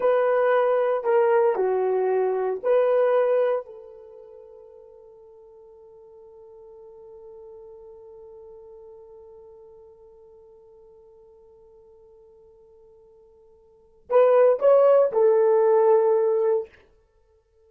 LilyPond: \new Staff \with { instrumentName = "horn" } { \time 4/4 \tempo 4 = 115 b'2 ais'4 fis'4~ | fis'4 b'2 a'4~ | a'1~ | a'1~ |
a'1~ | a'1~ | a'2. b'4 | cis''4 a'2. | }